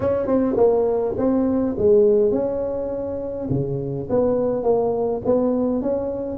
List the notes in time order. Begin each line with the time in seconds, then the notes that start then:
0.00 C#4
0.26 C4
0.57 A#3
1.17 C4
1.78 G#3
2.31 C#4
3.50 C#3
4.09 B3
4.63 A#3
5.25 B3
5.82 C#4